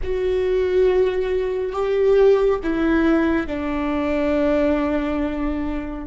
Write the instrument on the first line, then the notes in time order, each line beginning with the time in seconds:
viola
0.03 F#4
1.72 G4
2.63 E4
3.47 D4